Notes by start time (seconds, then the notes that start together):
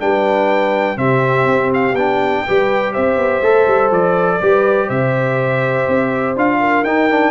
0.00 G3 D4 B4 G5
0.97 C3 C4 G4 E5
1.46 C4
1.74 F5
1.94 B3 D4 G5
2.46 G3 G4 B4
2.93 C4 C5 E5
3.17 B3
3.42 A3 A4
3.67 G3
3.91 F3 D5
4.41 G3 G4 B4
4.87 C3 C5 E5
5.88 C4
6.36 D4 F4 F5
6.60 A#4
6.83 D#4 G5
7.11 D4